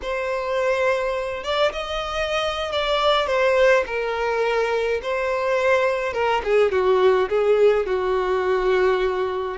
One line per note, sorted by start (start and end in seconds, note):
0.02 1.43 C5
1.43 1.72 D5
1.72 2.72 D#5
2.72 3.26 D5
3.26 3.83 C5
3.86 5.00 A#4
5.02 6.13 C5
6.13 6.41 A#4
6.44 6.71 G#4
6.71 7.28 F#4
7.29 7.86 G#4
7.86 9.57 F#4